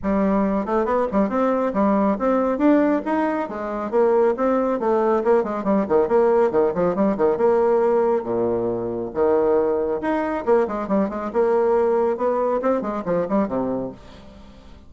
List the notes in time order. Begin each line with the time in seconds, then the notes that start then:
0.02 G3
0.65 A3
0.85 B3
1.11 G3
1.29 C4
1.73 G3
2.18 C4
2.58 D4
3.05 D#4
3.48 G#3
3.90 A#3
4.37 C4
4.79 A3
5.24 A#3
5.43 G#3
5.64 G3
5.88 D#3
6.08 A#3
6.51 D#3
6.74 F3
6.95 G3
7.17 D#3
7.37 A#3
8.23 A#2
9.14 D#3
10.01 D#4
10.45 A#3
10.67 G#3
10.88 G3
11.09 G#3
11.32 A#3
12.17 B3
12.62 C4
12.81 G#3
13.05 F3
13.28 G3
13.48 C3